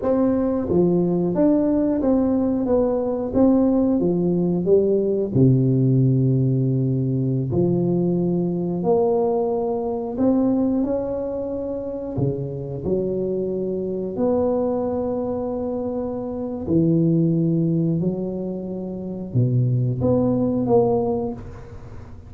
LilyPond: \new Staff \with { instrumentName = "tuba" } { \time 4/4 \tempo 4 = 90 c'4 f4 d'4 c'4 | b4 c'4 f4 g4 | c2.~ c16 f8.~ | f4~ f16 ais2 c'8.~ |
c'16 cis'2 cis4 fis8.~ | fis4~ fis16 b2~ b8.~ | b4 e2 fis4~ | fis4 b,4 b4 ais4 | }